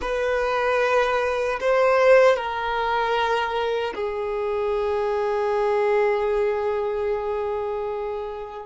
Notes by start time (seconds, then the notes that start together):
0.01 B4
1.60 C5
2.36 A#4
3.95 G#4